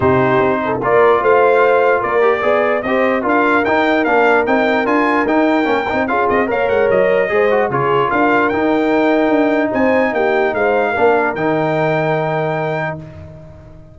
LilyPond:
<<
  \new Staff \with { instrumentName = "trumpet" } { \time 4/4 \tempo 4 = 148 c''2 d''4 f''4~ | f''4 d''2 dis''4 | f''4 g''4 f''4 g''4 | gis''4 g''2 f''8 dis''8 |
f''8 fis''8 dis''2 cis''4 | f''4 g''2. | gis''4 g''4 f''2 | g''1 | }
  \new Staff \with { instrumentName = "horn" } { \time 4/4 g'4. a'8 ais'4 c''4~ | c''4 ais'4 d''4 c''4 | ais'1~ | ais'2. gis'4 |
cis''2 c''4 gis'4 | ais'1 | c''4 g'4 c''4 ais'4~ | ais'1 | }
  \new Staff \with { instrumentName = "trombone" } { \time 4/4 dis'2 f'2~ | f'4. g'8 gis'4 g'4 | f'4 dis'4 d'4 dis'4 | f'4 dis'4 cis'8 dis'8 f'4 |
ais'2 gis'8 fis'8 f'4~ | f'4 dis'2.~ | dis'2. d'4 | dis'1 | }
  \new Staff \with { instrumentName = "tuba" } { \time 4/4 c4 c'4 ais4 a4~ | a4 ais4 b4 c'4 | d'4 dis'4 ais4 c'4 | d'4 dis'4 ais8 c'8 cis'8 c'8 |
ais8 gis8 fis4 gis4 cis4 | d'4 dis'2 d'4 | c'4 ais4 gis4 ais4 | dis1 | }
>>